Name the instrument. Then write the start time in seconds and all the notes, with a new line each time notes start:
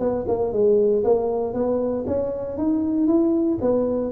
tuba
0.00 B3
0.28 A#3
0.53 G#3
1.04 A#3
1.54 B3
2.07 C#4
2.58 D#4
3.08 E4
3.62 B3